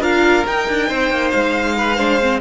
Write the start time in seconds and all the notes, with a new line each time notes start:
0.00 D4 F4 A#4 F5
0.47 D#4 G5
0.69 D4
0.88 C4 C5
1.11 A#3
1.31 G#3 F5
1.77 B4
1.97 D4 C5
2.22 C4